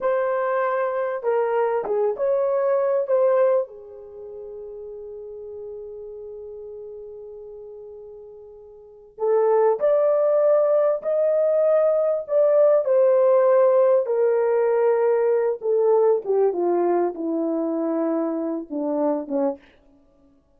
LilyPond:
\new Staff \with { instrumentName = "horn" } { \time 4/4 \tempo 4 = 98 c''2 ais'4 gis'8 cis''8~ | cis''4 c''4 gis'2~ | gis'1~ | gis'2. a'4 |
d''2 dis''2 | d''4 c''2 ais'4~ | ais'4. a'4 g'8 f'4 | e'2~ e'8 d'4 cis'8 | }